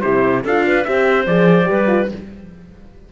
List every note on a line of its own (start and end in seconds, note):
0.00 0.44 C3
0.00 0.44 E4
0.00 0.43 G4
0.00 0.41 C5
0.43 0.85 D4
0.43 0.85 F4
0.43 0.64 A4
0.43 0.84 F5
0.66 0.87 B4
0.84 1.26 C4
0.84 1.26 G4
0.84 1.70 C5
0.84 1.25 E5
1.26 1.67 F3
1.26 1.64 G#4
1.26 2.09 D5
1.64 2.11 G3
1.64 1.85 G4
1.64 2.11 B4
1.87 2.08 F4